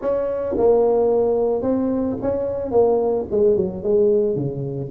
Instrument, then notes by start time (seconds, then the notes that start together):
tuba
0.01 C#4
0.57 A#3
1.62 C4
2.21 C#4
2.71 A#3
3.30 G#3
3.56 F#3
3.83 G#3
4.35 C#3